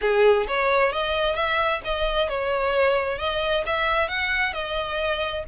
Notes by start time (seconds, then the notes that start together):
0.01 G#4
0.47 C#5
0.92 D#5
1.35 E5
1.84 D#5
2.29 C#5
3.18 D#5
3.65 E5
4.08 F#5
4.53 D#5